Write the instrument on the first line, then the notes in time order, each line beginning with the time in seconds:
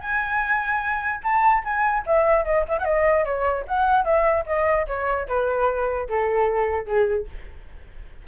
flute
0.00 G#5
1.23 A5
1.64 G#5
2.06 E5
2.45 D#5
2.68 E5
2.78 F#5
2.84 D#5
3.25 C#5
3.67 F#5
4.04 E5
4.46 D#5
4.87 C#5
5.28 B4
6.08 A4
6.86 G#4